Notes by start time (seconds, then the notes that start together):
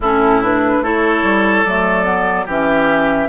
0.00 A2 C#4 E4 A4
0.42 D4 B4
0.81 A3 E4 A4 C#5
1.22 G3
1.64 F#3 A3 D5
2.04 B3
2.45 E3 C#4 G4 E5